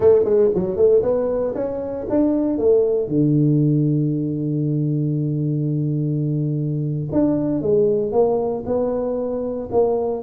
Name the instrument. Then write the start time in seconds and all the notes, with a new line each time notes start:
tuba
0.00 A3
0.24 G#3
0.55 F#3
0.76 A3
1.02 B3
1.54 C#4
2.09 D4
2.57 A3
3.08 D3
7.12 D4
7.61 G#3
8.12 A#3
8.66 B3
9.71 A#3